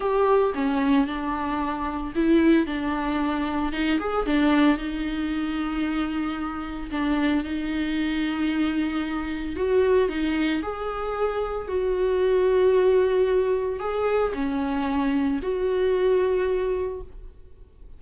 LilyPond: \new Staff \with { instrumentName = "viola" } { \time 4/4 \tempo 4 = 113 g'4 cis'4 d'2 | e'4 d'2 dis'8 gis'8 | d'4 dis'2.~ | dis'4 d'4 dis'2~ |
dis'2 fis'4 dis'4 | gis'2 fis'2~ | fis'2 gis'4 cis'4~ | cis'4 fis'2. | }